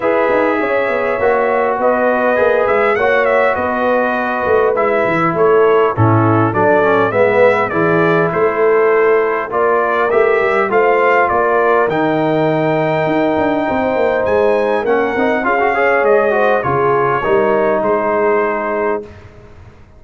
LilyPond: <<
  \new Staff \with { instrumentName = "trumpet" } { \time 4/4 \tempo 4 = 101 e''2. dis''4~ | dis''8 e''8 fis''8 e''8 dis''2 | e''4 cis''4 a'4 d''4 | e''4 d''4 c''2 |
d''4 e''4 f''4 d''4 | g''1 | gis''4 fis''4 f''4 dis''4 | cis''2 c''2 | }
  \new Staff \with { instrumentName = "horn" } { \time 4/4 b'4 cis''2 b'4~ | b'4 cis''4 b'2~ | b'4 a'4 e'4 a'4 | b'4 gis'4 a'2 |
ais'2 c''4 ais'4~ | ais'2. c''4~ | c''4 ais'4 gis'8 cis''4 c''8 | gis'4 ais'4 gis'2 | }
  \new Staff \with { instrumentName = "trombone" } { \time 4/4 gis'2 fis'2 | gis'4 fis'2. | e'2 cis'4 d'8 cis'8 | b4 e'2. |
f'4 g'4 f'2 | dis'1~ | dis'4 cis'8 dis'8 f'16 fis'16 gis'4 fis'8 | f'4 dis'2. | }
  \new Staff \with { instrumentName = "tuba" } { \time 4/4 e'8 dis'8 cis'8 b8 ais4 b4 | ais8 gis8 ais4 b4. a8 | gis8 e8 a4 a,4 fis4 | gis4 e4 a2 |
ais4 a8 g8 a4 ais4 | dis2 dis'8 d'8 c'8 ais8 | gis4 ais8 c'8 cis'4 gis4 | cis4 g4 gis2 | }
>>